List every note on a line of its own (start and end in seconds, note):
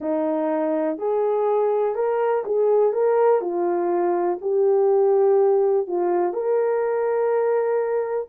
0.00 0.98 D#4
0.98 1.95 G#4
1.95 2.44 A#4
2.45 2.92 G#4
2.92 3.41 A#4
3.41 4.38 F4
4.41 5.87 G4
5.87 6.33 F4
6.33 8.28 A#4